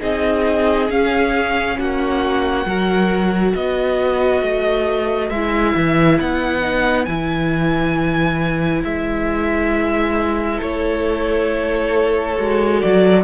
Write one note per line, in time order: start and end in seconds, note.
0.00 0.90 C4
0.00 0.88 D#4
0.00 1.76 G#4
0.00 0.91 D#5
0.89 2.66 C#4
0.89 1.78 C#4
0.89 1.79 F5
1.78 2.66 A#3
1.78 2.67 F#4
1.78 3.55 F#5
2.66 3.54 F#3
2.66 5.32 F#4
2.66 3.54 A#4
3.54 4.42 B3
3.54 10.58 B4
3.54 5.30 D#5
4.42 5.31 A3
5.30 5.75 G#3
5.30 6.62 E4
5.30 6.18 E5
5.75 6.19 E3
6.21 7.07 B3
6.21 7.06 F#5
6.62 7.06 D#4
7.06 8.84 E3
7.06 12.37 E4
7.06 8.82 G#5
8.84 10.61 G#3
8.84 10.61 E5
10.58 12.38 A3
10.58 13.22 A4
10.58 12.81 C#5
12.38 12.83 G#3
12.38 13.24 F#4
12.81 13.24 F#3
12.81 13.24 D5